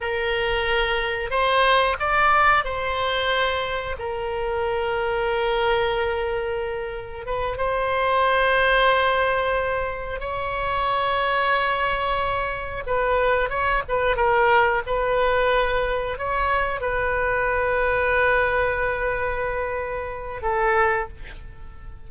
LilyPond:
\new Staff \with { instrumentName = "oboe" } { \time 4/4 \tempo 4 = 91 ais'2 c''4 d''4 | c''2 ais'2~ | ais'2. b'8 c''8~ | c''2.~ c''8 cis''8~ |
cis''2.~ cis''8 b'8~ | b'8 cis''8 b'8 ais'4 b'4.~ | b'8 cis''4 b'2~ b'8~ | b'2. a'4 | }